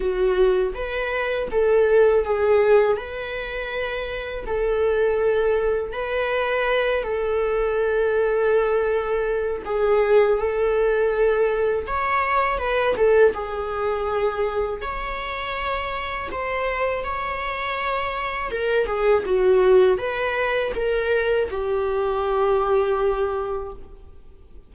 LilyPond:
\new Staff \with { instrumentName = "viola" } { \time 4/4 \tempo 4 = 81 fis'4 b'4 a'4 gis'4 | b'2 a'2 | b'4. a'2~ a'8~ | a'4 gis'4 a'2 |
cis''4 b'8 a'8 gis'2 | cis''2 c''4 cis''4~ | cis''4 ais'8 gis'8 fis'4 b'4 | ais'4 g'2. | }